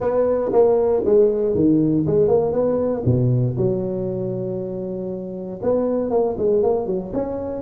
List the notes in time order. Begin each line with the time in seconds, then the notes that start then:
0.00 B3
0.52 A#3
1.05 G#3
1.54 D#3
2.06 G#3
2.28 A#3
2.52 B3
3.05 B2
3.57 F#3
5.62 B3
6.10 A#3
6.37 G#3
6.62 A#3
6.86 F#3
7.13 C#4